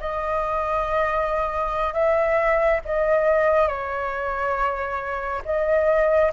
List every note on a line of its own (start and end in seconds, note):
0.00 1.93 D#5
1.93 2.80 E5
2.85 3.68 D#5
3.68 5.42 C#5
5.45 6.32 D#5